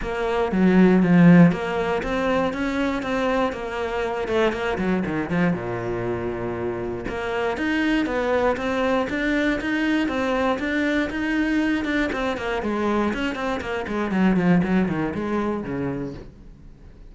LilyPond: \new Staff \with { instrumentName = "cello" } { \time 4/4 \tempo 4 = 119 ais4 fis4 f4 ais4 | c'4 cis'4 c'4 ais4~ | ais8 a8 ais8 fis8 dis8 f8 ais,4~ | ais,2 ais4 dis'4 |
b4 c'4 d'4 dis'4 | c'4 d'4 dis'4. d'8 | c'8 ais8 gis4 cis'8 c'8 ais8 gis8 | fis8 f8 fis8 dis8 gis4 cis4 | }